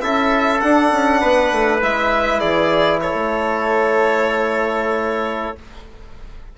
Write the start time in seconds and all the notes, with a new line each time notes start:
0.00 C#4 E4 A4 E5
0.60 D4 F#5
0.91 C#4
1.20 B3 B4
1.51 A3
1.80 G#3 E4 E5
2.39 E3 G#4 D5
3.00 A4 C#5
3.14 A3